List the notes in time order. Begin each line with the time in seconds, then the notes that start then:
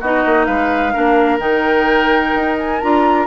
0.00 B3 D#4 F#4 D#5
0.25 A#3
0.45 G#3 B4 F5
0.93 A#3 D4 A#4
1.39 D#3 D#4 G5
2.35 D#4
2.58 G#5
2.82 D4 F4 A#5